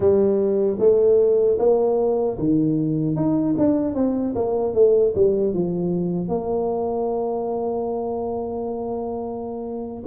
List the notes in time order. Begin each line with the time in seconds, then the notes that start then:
0.00 G3
0.79 A3
1.59 A#3
2.38 D#3
3.15 D#4
3.57 D4
3.95 C4
4.35 A#3
4.74 A3
5.15 G3
5.53 F3
6.28 A#3